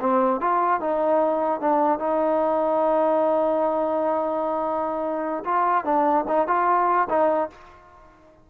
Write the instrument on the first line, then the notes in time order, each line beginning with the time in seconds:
trombone
0.00 C4
0.40 F4
0.80 D#4
1.61 D4
1.99 D#4
5.45 F4
5.84 D4
6.27 D#4
6.47 F4
7.09 D#4